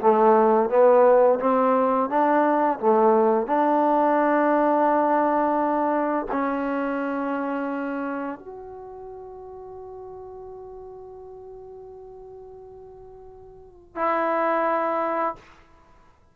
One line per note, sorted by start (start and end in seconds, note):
0.00 0.69 A3
0.69 1.39 B3
1.40 2.09 C4
2.09 2.79 D4
2.80 3.47 A3
3.47 6.26 D4
6.31 8.39 C#4
8.39 13.96 F#4
13.96 15.35 E4